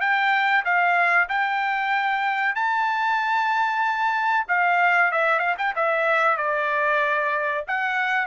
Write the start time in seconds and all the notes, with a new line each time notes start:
0.00 G5
0.64 F5
1.28 G5
2.55 A5
4.48 F5
5.11 E5
5.39 F5
5.58 G5
5.75 E5
6.37 D5
7.67 F#5